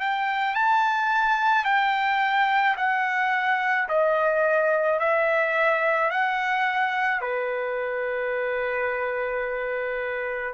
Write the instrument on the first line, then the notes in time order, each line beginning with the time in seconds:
trumpet
0.00 G5
0.55 A5
1.65 G5
2.77 F#5
3.88 D#5
4.99 E5
6.11 F#5
7.21 B4